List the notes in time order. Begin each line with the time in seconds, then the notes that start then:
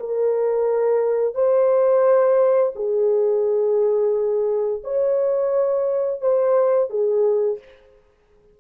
0.00 A#4
1.35 C5
2.76 G#4
4.84 C#5
6.21 C5
6.90 G#4